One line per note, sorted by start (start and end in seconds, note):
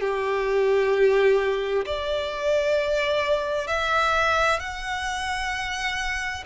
0.00 1.85 G4
1.85 3.67 D5
3.67 4.59 E5
4.59 6.44 F#5